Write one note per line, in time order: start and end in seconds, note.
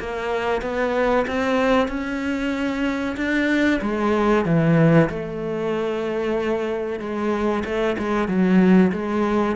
0.00 0.62 A#3
0.62 1.26 B3
1.27 1.89 C4
1.89 3.16 C#4
3.17 3.81 D4
3.82 4.46 G#3
4.46 5.10 E3
5.10 7.00 A3
7.00 7.64 G#3
7.65 7.97 A3
7.98 8.28 G#3
8.28 8.92 F#3
8.93 9.56 G#3